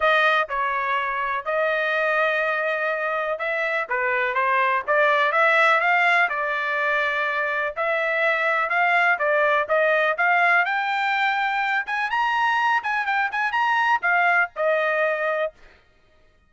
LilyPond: \new Staff \with { instrumentName = "trumpet" } { \time 4/4 \tempo 4 = 124 dis''4 cis''2 dis''4~ | dis''2. e''4 | b'4 c''4 d''4 e''4 | f''4 d''2. |
e''2 f''4 d''4 | dis''4 f''4 g''2~ | g''8 gis''8 ais''4. gis''8 g''8 gis''8 | ais''4 f''4 dis''2 | }